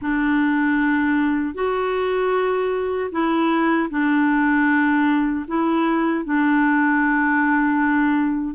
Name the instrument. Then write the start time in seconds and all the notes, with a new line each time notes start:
clarinet
0.01 D4
1.54 F#4
3.11 E4
3.90 D4
5.47 E4
6.24 D4